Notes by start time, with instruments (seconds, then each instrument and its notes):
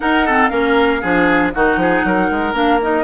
0.00 clarinet D#4, bassoon D#4, oboe A#4, flute F#5
0.25 clarinet C4, oboe A4
0.48 bassoon A#3, clarinet C#4, oboe A#4, flute F5
1.01 bassoon F3, clarinet D4, oboe G#4
1.53 bassoon D#3, clarinet D#4, oboe F#4, flute F#5
1.76 bassoon F3, oboe G#4
2.04 bassoon F#3, oboe A#4
2.30 bassoon G#3
2.53 bassoon A#3, clarinet D4, flute F5
2.82 clarinet D#4, flute D#5